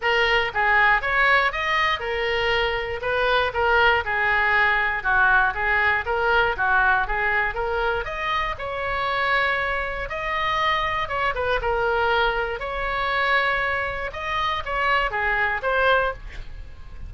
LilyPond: \new Staff \with { instrumentName = "oboe" } { \time 4/4 \tempo 4 = 119 ais'4 gis'4 cis''4 dis''4 | ais'2 b'4 ais'4 | gis'2 fis'4 gis'4 | ais'4 fis'4 gis'4 ais'4 |
dis''4 cis''2. | dis''2 cis''8 b'8 ais'4~ | ais'4 cis''2. | dis''4 cis''4 gis'4 c''4 | }